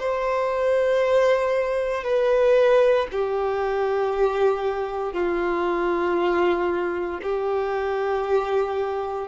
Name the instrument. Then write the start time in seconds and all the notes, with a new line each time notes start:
violin
0.00 C5
2.04 B4
3.12 G4
5.13 F4
7.23 G4